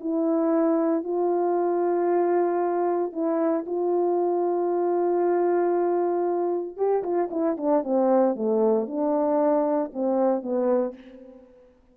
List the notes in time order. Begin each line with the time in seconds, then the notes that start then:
0.00 E4
1.03 F4
3.12 E4
3.66 F4
6.77 G4
7.03 F4
7.31 E4
7.57 D4
7.83 C4
8.35 A3
8.87 D4
9.93 C4
10.42 B3